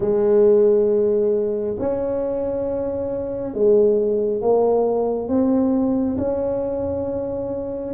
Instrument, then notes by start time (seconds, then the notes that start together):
tuba
0.00 G#3
1.79 C#4
3.54 G#3
4.41 A#3
5.28 C4
6.17 C#4